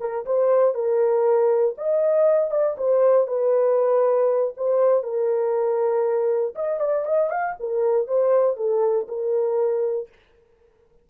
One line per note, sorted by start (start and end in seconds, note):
0.00 0.25 A#4
0.26 0.75 C5
0.75 1.76 A#4
1.78 2.51 D#5
2.51 2.76 D5
2.78 3.28 C5
3.28 4.54 B4
4.57 5.04 C5
5.04 6.55 A#4
6.55 6.80 D#5
6.80 7.05 D5
7.05 7.30 D#5
7.30 7.55 F5
7.60 8.07 A#4
8.07 8.57 C5
8.57 9.07 A4
9.08 10.09 A#4